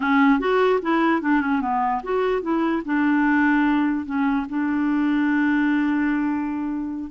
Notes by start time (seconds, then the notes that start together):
0.00 C#4
0.39 F#4
0.82 E4
1.21 D4
1.41 C#4
1.61 B3
2.03 F#4
2.42 E4
2.85 D4
4.05 C#4
4.49 D4